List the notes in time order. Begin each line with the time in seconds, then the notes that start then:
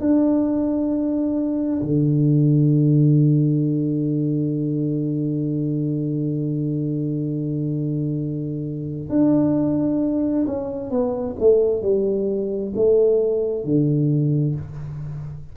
0.00 D4
1.82 D3
9.10 D4
10.47 C#4
10.91 B3
11.40 A3
11.83 G3
12.76 A3
13.64 D3